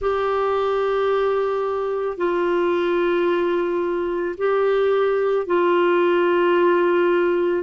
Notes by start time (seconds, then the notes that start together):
0.01 G4
2.17 F4
4.37 G4
5.46 F4